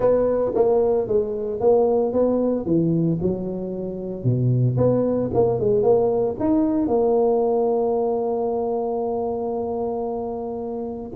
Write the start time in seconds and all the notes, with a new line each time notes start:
0.00 B3
0.55 A#3
1.07 G#3
1.60 A#3
2.12 B3
2.65 E3
3.21 F#3
4.23 B2
4.77 B3
5.33 A#3
5.59 G#3
5.82 A#3
6.39 D#4
6.87 A#3